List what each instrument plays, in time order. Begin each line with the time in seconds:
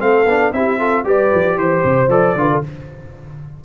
0.00 tuba A3, trombone C4, horn A4, trumpet F5
0.26 tuba B3, trombone D4
0.53 tuba C4, trombone E4, horn G4, trumpet E5
0.79 trombone F4, horn A4
1.04 tuba G3, trombone G4, horn B4, trumpet D5
1.35 tuba F3
1.56 tuba E3, trumpet C5, horn C5
1.84 tuba C3
2.09 tuba F3, trombone A4, trumpet D5
2.35 tuba D3, trombone F4, horn B4
2.52 horn A4